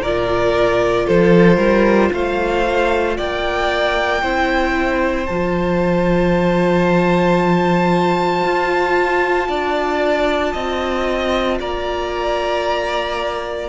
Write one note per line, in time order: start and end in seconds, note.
0.00 1.05 A#2
0.00 4.22 F4
0.00 1.06 A#4
0.00 1.07 D5
1.06 1.57 F3
1.06 1.56 A4
1.06 2.12 C5
1.56 2.10 G3
1.56 2.09 A#4
2.12 3.18 A3
2.12 3.17 C5
2.12 3.17 F5
3.17 4.22 A#3
3.17 4.21 D5
3.17 5.26 G5
4.21 5.28 C4
4.21 5.28 E4
4.21 9.48 C5
5.26 8.44 F3
5.26 13.69 F4
5.26 11.58 A5
8.44 9.48 F4
9.48 10.54 D4
9.48 10.52 D5
10.52 11.59 C4
10.52 11.58 D#5
11.60 13.69 A#3
11.60 13.69 D5
11.60 13.69 A#5